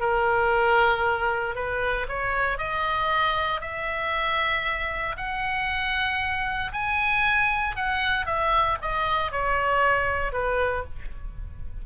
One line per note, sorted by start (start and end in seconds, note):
0.00 1.55 A#4
1.55 2.07 B4
2.08 2.58 C#5
2.58 3.61 D#5
3.61 5.16 E5
5.17 6.72 F#5
6.72 7.76 G#5
7.76 8.26 F#5
8.26 8.78 E5
8.81 9.32 D#5
9.32 10.32 C#5
10.32 10.84 B4